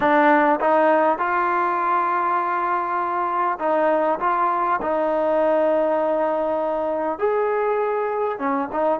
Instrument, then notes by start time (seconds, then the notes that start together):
trombone
0.00 D4
0.60 D#4
1.18 F4
3.59 D#4
4.20 F4
4.81 D#4
7.18 G#4
8.38 C#4
8.72 D#4